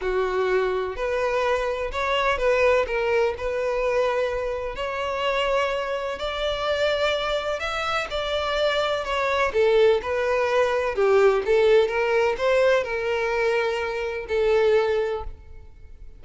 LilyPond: \new Staff \with { instrumentName = "violin" } { \time 4/4 \tempo 4 = 126 fis'2 b'2 | cis''4 b'4 ais'4 b'4~ | b'2 cis''2~ | cis''4 d''2. |
e''4 d''2 cis''4 | a'4 b'2 g'4 | a'4 ais'4 c''4 ais'4~ | ais'2 a'2 | }